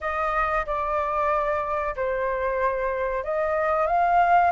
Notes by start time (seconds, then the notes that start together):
0.01 D#5
0.66 D5
1.96 C5
3.24 D#5
3.87 F5